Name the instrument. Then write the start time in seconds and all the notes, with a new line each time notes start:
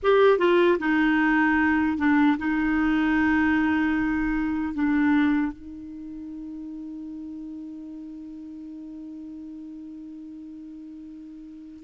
clarinet
0.02 G4
0.38 F4
0.79 D#4
1.97 D4
2.38 D#4
4.74 D4
5.52 D#4